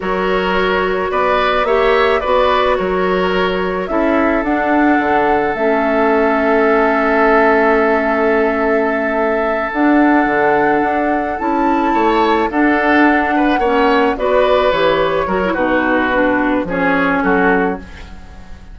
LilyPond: <<
  \new Staff \with { instrumentName = "flute" } { \time 4/4 \tempo 4 = 108 cis''2 d''4 e''4 | d''4 cis''2 e''4 | fis''2 e''2~ | e''1~ |
e''4. fis''2~ fis''8~ | fis''8 a''2 fis''4.~ | fis''4. d''4 cis''4. | b'2 cis''4 a'4 | }
  \new Staff \with { instrumentName = "oboe" } { \time 4/4 ais'2 b'4 cis''4 | b'4 ais'2 a'4~ | a'1~ | a'1~ |
a'1~ | a'4. cis''4 a'4. | b'8 cis''4 b'2 ais'8 | fis'2 gis'4 fis'4 | }
  \new Staff \with { instrumentName = "clarinet" } { \time 4/4 fis'2. g'4 | fis'2. e'4 | d'2 cis'2~ | cis'1~ |
cis'4. d'2~ d'8~ | d'8 e'2 d'4.~ | d'8 cis'4 fis'4 g'4 fis'16 e'16 | dis'4 d'4 cis'2 | }
  \new Staff \with { instrumentName = "bassoon" } { \time 4/4 fis2 b4 ais4 | b4 fis2 cis'4 | d'4 d4 a2~ | a1~ |
a4. d'4 d4 d'8~ | d'8 cis'4 a4 d'4.~ | d'8 ais4 b4 e4 fis8 | b,2 f4 fis4 | }
>>